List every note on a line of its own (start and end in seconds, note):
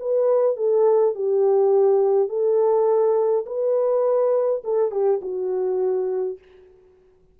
0.00 0.57 B4
0.57 1.15 A4
1.15 2.29 G4
2.29 3.46 A4
3.46 4.63 B4
4.64 4.91 A4
4.91 5.21 G4
5.22 6.38 F#4